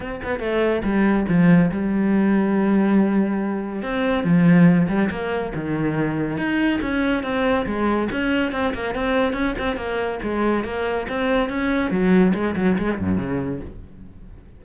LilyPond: \new Staff \with { instrumentName = "cello" } { \time 4/4 \tempo 4 = 141 c'8 b8 a4 g4 f4 | g1~ | g4 c'4 f4. g8 | ais4 dis2 dis'4 |
cis'4 c'4 gis4 cis'4 | c'8 ais8 c'4 cis'8 c'8 ais4 | gis4 ais4 c'4 cis'4 | fis4 gis8 fis8 gis8 fis,8 cis4 | }